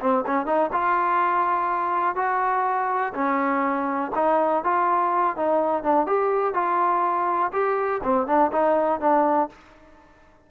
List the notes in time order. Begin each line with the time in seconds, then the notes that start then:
0.00 C4
0.26 C#4
0.46 D#4
0.72 F4
2.16 F#4
3.14 C#4
4.15 D#4
4.64 F4
5.36 D#4
5.83 D4
6.07 G4
6.54 F4
7.53 G4
8.03 C4
8.27 D4
8.52 D#4
9.01 D4